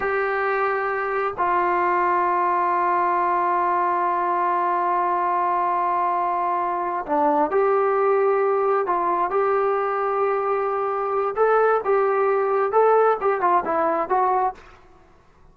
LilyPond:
\new Staff \with { instrumentName = "trombone" } { \time 4/4 \tempo 4 = 132 g'2. f'4~ | f'1~ | f'1~ | f'2.~ f'8 d'8~ |
d'8 g'2. f'8~ | f'8 g'2.~ g'8~ | g'4 a'4 g'2 | a'4 g'8 f'8 e'4 fis'4 | }